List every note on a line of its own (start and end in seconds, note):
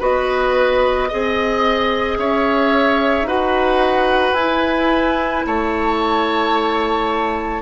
0.00 1.10 B3
0.00 1.09 F#4
0.00 1.09 B4
0.00 2.19 D#5
1.09 2.18 C4
1.09 3.27 G#4
1.09 2.18 D#5
2.18 3.23 C#4
2.18 3.28 C#5
2.18 3.28 E5
3.23 4.32 D#4
3.23 4.36 F#4
3.23 5.46 B4
3.23 4.34 F#5
4.34 5.43 E4
4.34 7.62 E4
4.34 5.43 G#5
5.46 7.62 A3
5.46 7.62 C#5
5.46 7.62 A5